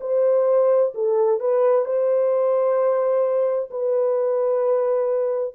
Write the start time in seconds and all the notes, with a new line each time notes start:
0.00 C5
0.94 A4
1.39 B4
1.85 C5
3.70 B4